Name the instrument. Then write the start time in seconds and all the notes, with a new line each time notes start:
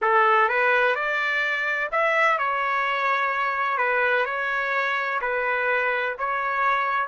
trumpet
0.01 A4
0.48 B4
0.95 D5
1.91 E5
2.38 C#5
3.77 B4
4.25 C#5
5.21 B4
6.18 C#5